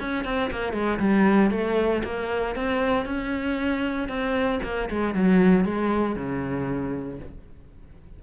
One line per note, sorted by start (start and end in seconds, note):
0.00 0.25 C#4
0.25 0.51 C4
0.51 0.73 A#3
0.73 0.99 G#3
0.99 1.51 G3
1.51 2.03 A3
2.04 2.55 A#3
2.55 3.06 C4
3.06 4.08 C#4
4.08 4.60 C4
4.63 4.89 A#3
4.90 5.14 G#3
5.14 5.65 F#3
5.65 6.16 G#3
6.16 7.19 C#3